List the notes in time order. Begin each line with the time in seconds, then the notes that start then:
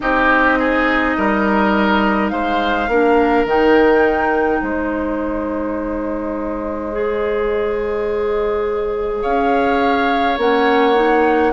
0.00 C4 D#4 G4 D#5
0.58 G#4
1.17 G3 A#4
2.29 G#3 C5 F5
2.88 A#3 D4 A#4
3.44 D#3 D#4 G5
4.61 G#3 C5 D#5
6.92 G#4
9.22 C#4 C#5 F5
10.37 A#3 C#4 F#5
10.94 D#4